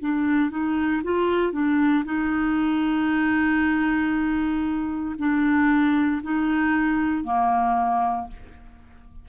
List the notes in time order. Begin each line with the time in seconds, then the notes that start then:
0.00 D4
0.50 D#4
1.03 F4
1.52 D4
2.05 D#4
5.18 D4
6.23 D#4
7.24 A#3